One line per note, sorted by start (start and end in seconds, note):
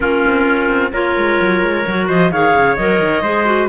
0.00 0.24 A#3
0.00 0.91 C#4
0.00 0.92 F4
0.00 0.92 A#4
0.27 0.47 C4
0.47 0.69 C#4
0.69 0.92 C4
0.92 1.16 A#3
0.92 1.85 F4
0.92 2.07 A#4
0.92 2.08 C#5
1.17 1.40 G#3
1.41 1.62 F#3
1.62 1.85 G#3
1.87 2.09 F#3
1.87 2.31 F#4
2.07 2.31 F3
2.07 2.30 C5
2.07 2.31 D#5
2.31 2.54 D#3
2.31 2.77 G#4
2.31 3.22 C#5
2.31 2.76 F5
2.55 2.78 C#3
2.76 3.00 F#3
2.76 3.23 A#4
2.76 3.68 D#5
3.00 3.22 D#3
3.22 3.68 G#3
3.22 3.45 G#4
3.22 3.68 C5
3.45 3.68 F#4